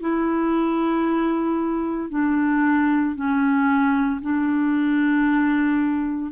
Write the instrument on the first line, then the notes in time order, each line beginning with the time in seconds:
clarinet
0.00 E4
2.10 D4
3.15 C#4
4.22 D4